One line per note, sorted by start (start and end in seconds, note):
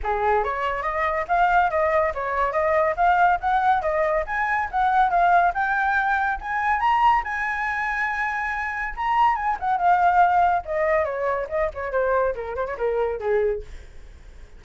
0.03 0.44 G#4
0.44 0.82 C#5
0.82 1.25 D#5
1.27 1.70 F5
1.70 2.13 D#5
2.14 2.52 C#5
2.52 2.95 D#5
2.96 3.39 F5
3.40 3.82 F#5
3.82 4.24 D#5
4.26 4.69 G#5
4.71 5.10 F#5
5.10 5.52 F5
5.53 6.38 G5
6.40 6.80 G#5
6.80 7.22 A#5
7.24 8.94 G#5
8.96 9.35 A#5
9.35 9.56 G#5
9.59 9.77 F#5
9.77 10.62 F5
10.65 11.04 D#5
11.04 11.47 C#5
11.49 11.70 D#5
11.73 11.91 C#5
11.91 12.34 C5
12.35 12.55 A#4
12.55 12.66 C5
12.66 12.77 C#5
12.78 13.19 A#4
13.19 13.62 G#4